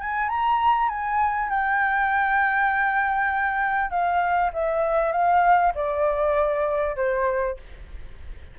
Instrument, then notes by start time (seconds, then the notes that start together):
flute
0.00 G#5
0.29 A#5
0.89 G#5
1.50 G5
3.90 F5
4.53 E5
5.12 F5
5.75 D5
6.96 C5